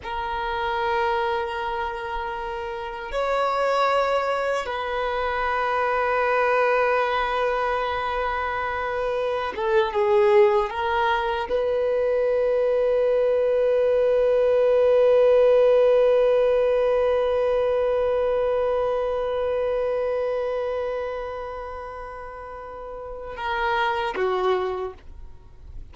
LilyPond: \new Staff \with { instrumentName = "violin" } { \time 4/4 \tempo 4 = 77 ais'1 | cis''2 b'2~ | b'1~ | b'16 a'8 gis'4 ais'4 b'4~ b'16~ |
b'1~ | b'1~ | b'1~ | b'2 ais'4 fis'4 | }